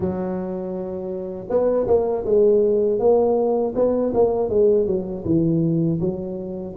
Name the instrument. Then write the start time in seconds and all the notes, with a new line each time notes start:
tuba
0.00 F#3
1.49 B3
1.87 A#3
2.25 G#3
2.99 A#3
3.75 B3
4.14 A#3
4.49 G#3
4.86 F#3
5.24 E3
6.00 F#3